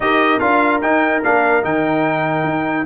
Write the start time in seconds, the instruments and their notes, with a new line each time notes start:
0.00 tuba D#4, trombone G4, horn A#4, trumpet D#5
0.39 tuba D4, trombone F4, trumpet F5
0.81 tuba D#4, trombone D#4, trumpet G5
1.23 tuba A#3, trombone D4, trumpet F5
1.62 tuba D#3, trombone D#4, trumpet G5
2.43 tuba D#4